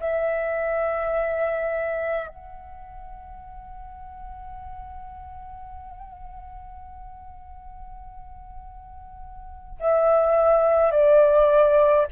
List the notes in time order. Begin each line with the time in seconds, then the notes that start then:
0.00 E5
2.28 F#5
9.80 E5
10.91 D5